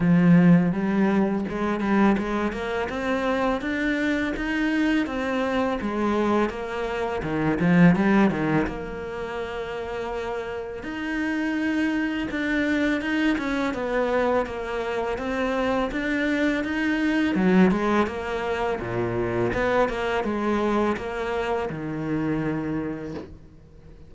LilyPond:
\new Staff \with { instrumentName = "cello" } { \time 4/4 \tempo 4 = 83 f4 g4 gis8 g8 gis8 ais8 | c'4 d'4 dis'4 c'4 | gis4 ais4 dis8 f8 g8 dis8 | ais2. dis'4~ |
dis'4 d'4 dis'8 cis'8 b4 | ais4 c'4 d'4 dis'4 | fis8 gis8 ais4 ais,4 b8 ais8 | gis4 ais4 dis2 | }